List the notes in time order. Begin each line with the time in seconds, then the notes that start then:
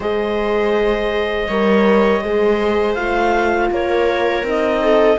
0.00 G#3 G#4 C5 D#5
1.48 G3 A#4 C#5
2.21 G#3 G#4 C5
2.94 A3 F4 F5
3.70 A#3 A#4 C#5
4.42 C4 D#4
4.49 D#5
4.81 A4